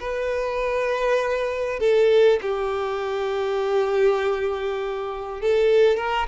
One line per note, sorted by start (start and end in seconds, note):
0.00 1.80 B4
1.80 2.40 A4
2.42 5.42 G4
5.42 5.97 A4
5.97 6.27 A#4